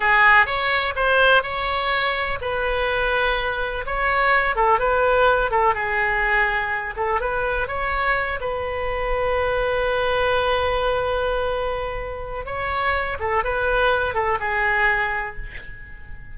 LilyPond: \new Staff \with { instrumentName = "oboe" } { \time 4/4 \tempo 4 = 125 gis'4 cis''4 c''4 cis''4~ | cis''4 b'2. | cis''4. a'8 b'4. a'8 | gis'2~ gis'8 a'8 b'4 |
cis''4. b'2~ b'8~ | b'1~ | b'2 cis''4. a'8 | b'4. a'8 gis'2 | }